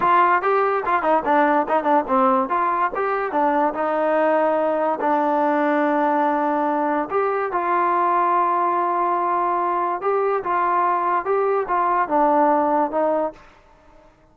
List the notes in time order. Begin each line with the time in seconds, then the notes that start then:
0.00 F4
0.41 G4
0.85 F4
1.02 D#4
1.25 D4
1.68 D#4
1.83 D4
2.07 C4
2.49 F4
2.95 G4
3.31 D4
3.74 D#4
5.00 D4
7.10 G4
7.52 F4
10.01 G4
10.43 F4
11.25 G4
11.68 F4
12.08 D4
12.91 D#4